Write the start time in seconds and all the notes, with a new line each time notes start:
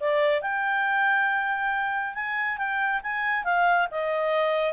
0.00 D5
0.42 G5
2.14 G#5
2.58 G5
3.03 G#5
3.44 F5
3.91 D#5